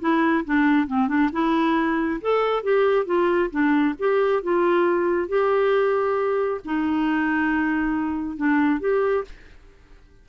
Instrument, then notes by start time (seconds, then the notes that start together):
clarinet
0.00 E4
0.45 D4
0.87 C4
1.08 D4
1.32 E4
2.21 A4
2.63 G4
3.06 F4
3.50 D4
3.99 G4
4.43 F4
5.28 G4
6.65 D#4
8.37 D4
8.80 G4